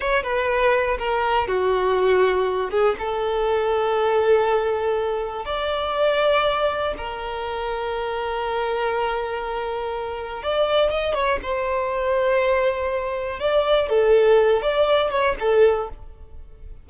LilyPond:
\new Staff \with { instrumentName = "violin" } { \time 4/4 \tempo 4 = 121 cis''8 b'4. ais'4 fis'4~ | fis'4. gis'8 a'2~ | a'2. d''4~ | d''2 ais'2~ |
ais'1~ | ais'4 d''4 dis''8 cis''8 c''4~ | c''2. d''4 | a'4. d''4 cis''8 a'4 | }